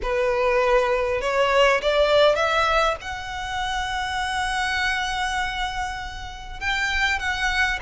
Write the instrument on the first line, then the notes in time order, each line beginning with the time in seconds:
violin
0.02 B4
1.21 C#5
1.81 D5
2.35 E5
3.01 F#5
6.60 G5
7.19 F#5